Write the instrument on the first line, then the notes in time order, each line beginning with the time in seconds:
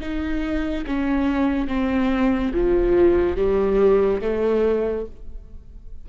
viola
0.00 D#4
0.86 C#4
1.67 C4
2.53 F3
3.36 G3
4.21 A3